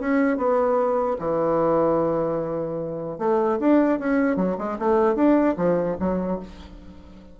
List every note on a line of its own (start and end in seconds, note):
0.00 0.37 C#4
0.37 1.17 B3
1.19 3.18 E3
3.18 3.58 A3
3.60 3.99 D4
3.99 4.36 C#4
4.36 4.56 F#3
4.58 4.78 G#3
4.79 5.15 A3
5.15 5.55 D4
5.57 5.97 F3
6.00 6.40 F#3